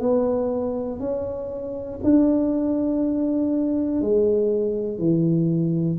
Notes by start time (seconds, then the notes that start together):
0.00 B3
1.00 C#4
2.04 D4
4.01 G#3
4.99 E3